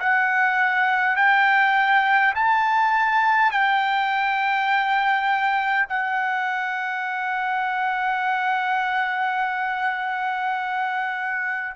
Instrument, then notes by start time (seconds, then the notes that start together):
trumpet
0.00 F#5
1.17 G5
2.35 A5
3.51 G5
5.89 F#5